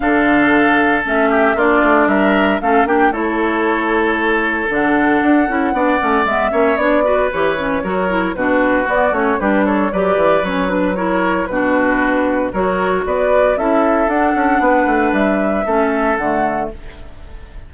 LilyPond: <<
  \new Staff \with { instrumentName = "flute" } { \time 4/4 \tempo 4 = 115 f''2 e''4 d''4 | e''4 f''8 g''8 cis''2~ | cis''4 fis''2. | e''4 d''4 cis''2 |
b'4 d''8 cis''8 b'8 cis''8 d''4 | cis''8 b'8 cis''4 b'2 | cis''4 d''4 e''4 fis''4~ | fis''4 e''2 fis''4 | }
  \new Staff \with { instrumentName = "oboe" } { \time 4/4 a'2~ a'8 g'8 f'4 | ais'4 a'8 g'8 a'2~ | a'2. d''4~ | d''8 cis''4 b'4. ais'4 |
fis'2 g'8 a'8 b'4~ | b'4 ais'4 fis'2 | ais'4 b'4 a'2 | b'2 a'2 | }
  \new Staff \with { instrumentName = "clarinet" } { \time 4/4 d'2 cis'4 d'4~ | d'4 cis'8 d'8 e'2~ | e'4 d'4. e'8 d'8 cis'8 | b8 cis'8 d'8 fis'8 g'8 cis'8 fis'8 e'8 |
d'4 b8 cis'8 d'4 g'4 | cis'8 d'8 e'4 d'2 | fis'2 e'4 d'4~ | d'2 cis'4 a4 | }
  \new Staff \with { instrumentName = "bassoon" } { \time 4/4 d2 a4 ais8 a8 | g4 a8 ais8 a2~ | a4 d4 d'8 cis'8 b8 a8 | gis8 ais8 b4 e4 fis4 |
b,4 b8 a8 g4 fis8 e8 | fis2 b,2 | fis4 b4 cis'4 d'8 cis'8 | b8 a8 g4 a4 d4 | }
>>